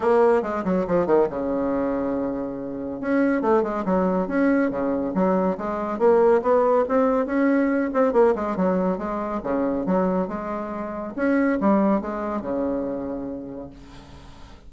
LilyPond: \new Staff \with { instrumentName = "bassoon" } { \time 4/4 \tempo 4 = 140 ais4 gis8 fis8 f8 dis8 cis4~ | cis2. cis'4 | a8 gis8 fis4 cis'4 cis4 | fis4 gis4 ais4 b4 |
c'4 cis'4. c'8 ais8 gis8 | fis4 gis4 cis4 fis4 | gis2 cis'4 g4 | gis4 cis2. | }